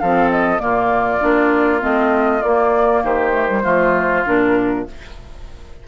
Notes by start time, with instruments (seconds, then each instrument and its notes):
0.00 bassoon F3, clarinet C4, oboe A4, flute F5
0.31 flute D#5
0.59 bassoon A#2, clarinet A#3, oboe F4, flute D5
1.21 bassoon A#3, clarinet D4
1.80 bassoon A3, clarinet C4, flute D#5
2.43 bassoon A#3, clarinet A#3, flute D5
3.04 bassoon D#3, oboe G4, flute C5
3.33 clarinet A3
3.49 clarinet G3
3.63 bassoon F3, clarinet A3, oboe F4
4.26 bassoon A#2, clarinet D4, flute A#4